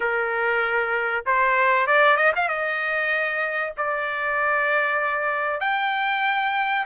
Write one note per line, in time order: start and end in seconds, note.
0.00 1.24 A#4
1.26 1.86 C5
1.86 2.16 D5
2.16 2.32 D#5
2.35 2.48 F5
2.48 3.73 D#5
3.77 5.60 D5
5.60 6.85 G5